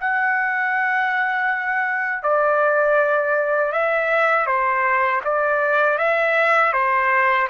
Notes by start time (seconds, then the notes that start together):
0.00 F#5
2.23 D5
3.73 E5
4.46 C5
5.24 D5
5.98 E5
6.73 C5